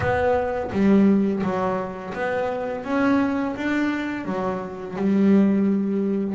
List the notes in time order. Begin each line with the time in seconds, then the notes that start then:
0.00 B3
0.72 G3
1.43 F#3
2.14 B3
2.84 C#4
3.56 D4
4.25 F#3
4.96 G3